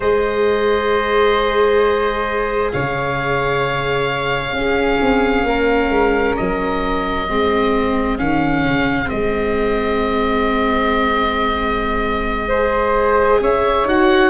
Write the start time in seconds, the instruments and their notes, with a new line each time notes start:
0.00 tuba G#3, viola G#4, flute C5, oboe D#5
2.72 tuba C#3, flute C#5, oboe F5
4.51 tuba C#4, viola C#4, flute G#4
5.01 tuba C4
5.43 tuba A#3, flute A#4
5.88 tuba G#3
6.36 tuba F#3, oboe D#5
7.28 tuba G#3, viola C4, flute G#4
8.18 tuba D#3, viola C#4, oboe F5
8.63 tuba C#3
9.05 viola C4, oboe D#5
9.11 tuba G#3
12.48 viola G#4, flute C5
13.40 tuba C#4, flute C#5, oboe E5
13.84 tuba D#4, viola F#4, oboe F#5